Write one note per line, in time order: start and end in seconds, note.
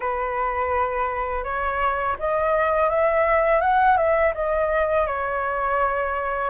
0.00 1.44 B4
1.44 2.16 C#5
2.19 2.89 D#5
2.89 3.60 E5
3.60 3.97 F#5
3.97 4.33 E5
4.34 5.06 D#5
5.06 6.50 C#5